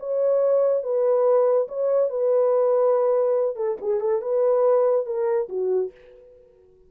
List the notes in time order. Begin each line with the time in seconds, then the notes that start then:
0.00 C#5
0.83 B4
1.68 C#5
2.10 B4
3.56 A4
3.82 G#4
4.01 A4
4.22 B4
5.06 A#4
5.49 F#4